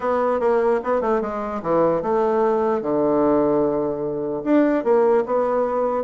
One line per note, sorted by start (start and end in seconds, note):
0.00 0.40 B3
0.40 0.80 A#3
0.83 1.01 B3
1.01 1.21 A3
1.21 1.61 G#3
1.62 2.02 E3
2.02 2.82 A3
2.82 4.43 D3
4.43 4.83 D4
4.83 5.24 A#3
5.26 6.03 B3